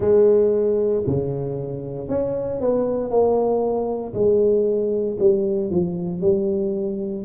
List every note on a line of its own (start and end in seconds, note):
0.00 1.03 G#3
1.06 2.08 C#3
2.08 2.60 C#4
2.60 3.10 B3
3.10 4.13 A#3
4.14 5.17 G#3
5.19 5.70 G3
5.70 6.21 F3
6.21 7.24 G3